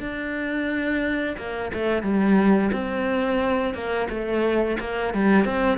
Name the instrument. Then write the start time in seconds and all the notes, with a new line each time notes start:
cello
0.00 D4
1.37 A#3
1.73 A3
2.03 G3
2.73 C4
3.74 A#3
4.09 A3
4.80 A#3
5.14 G3
5.45 C4